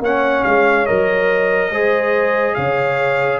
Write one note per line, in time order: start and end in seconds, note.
0.00 0.42 A#3
0.00 0.86 C#4
0.00 1.70 C#5
0.00 0.43 F#5
0.43 0.88 G#3
0.43 0.86 F5
0.86 1.70 F#3
0.86 1.71 A#4
0.86 2.54 D#5
1.70 2.55 G#3
1.70 3.40 G#4
1.70 2.55 C5
2.54 3.40 C#3
2.54 3.40 C#5
2.54 3.39 F5